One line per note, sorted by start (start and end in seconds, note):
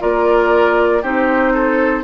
0.00 1.03 A#3
0.00 1.02 F4
0.00 1.02 A#4
0.00 1.03 D5
1.02 2.04 C4
1.02 2.04 D#4
1.02 1.53 G4
1.02 2.04 C5
1.53 2.04 A4